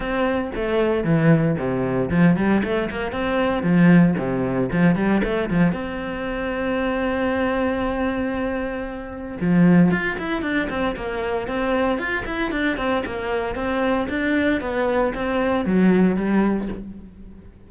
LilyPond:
\new Staff \with { instrumentName = "cello" } { \time 4/4 \tempo 4 = 115 c'4 a4 e4 c4 | f8 g8 a8 ais8 c'4 f4 | c4 f8 g8 a8 f8 c'4~ | c'1~ |
c'2 f4 f'8 e'8 | d'8 c'8 ais4 c'4 f'8 e'8 | d'8 c'8 ais4 c'4 d'4 | b4 c'4 fis4 g4 | }